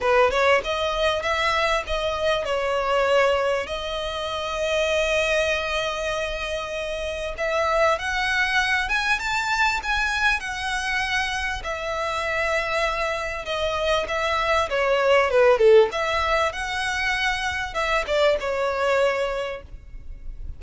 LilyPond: \new Staff \with { instrumentName = "violin" } { \time 4/4 \tempo 4 = 98 b'8 cis''8 dis''4 e''4 dis''4 | cis''2 dis''2~ | dis''1 | e''4 fis''4. gis''8 a''4 |
gis''4 fis''2 e''4~ | e''2 dis''4 e''4 | cis''4 b'8 a'8 e''4 fis''4~ | fis''4 e''8 d''8 cis''2 | }